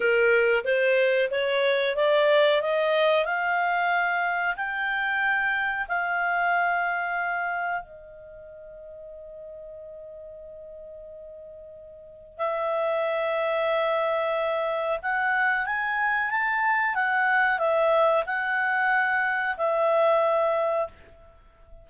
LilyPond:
\new Staff \with { instrumentName = "clarinet" } { \time 4/4 \tempo 4 = 92 ais'4 c''4 cis''4 d''4 | dis''4 f''2 g''4~ | g''4 f''2. | dis''1~ |
dis''2. e''4~ | e''2. fis''4 | gis''4 a''4 fis''4 e''4 | fis''2 e''2 | }